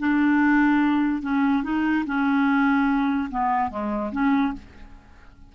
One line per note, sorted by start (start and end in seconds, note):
0.00 1.23 D4
1.23 1.64 C#4
1.64 2.05 D#4
2.07 3.30 C#4
3.31 3.71 B3
3.71 4.12 G#3
4.13 4.54 C#4